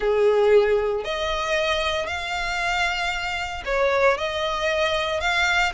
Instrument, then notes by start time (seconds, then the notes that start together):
violin
0.00 G#4
1.04 D#5
2.06 F5
3.65 C#5
4.17 D#5
5.20 F5